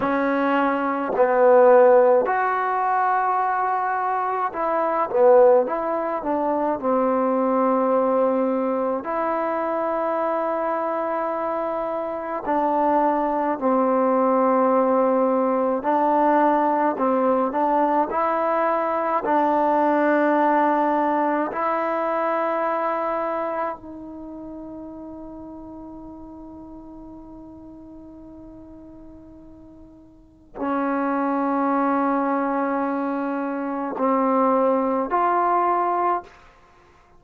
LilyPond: \new Staff \with { instrumentName = "trombone" } { \time 4/4 \tempo 4 = 53 cis'4 b4 fis'2 | e'8 b8 e'8 d'8 c'2 | e'2. d'4 | c'2 d'4 c'8 d'8 |
e'4 d'2 e'4~ | e'4 dis'2.~ | dis'2. cis'4~ | cis'2 c'4 f'4 | }